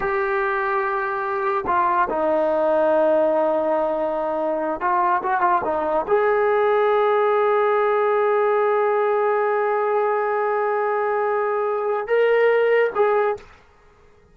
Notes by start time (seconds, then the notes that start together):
0.00 G4
1.66 F4
2.09 D#4
4.80 F4
5.22 F#4
5.41 F4
5.64 D#4
6.07 G#4
12.07 A#4
12.95 G#4